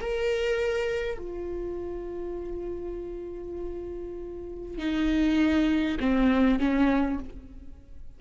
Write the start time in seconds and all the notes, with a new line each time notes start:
0.00 A#4
1.18 F4
4.78 D#4
5.99 C4
6.59 C#4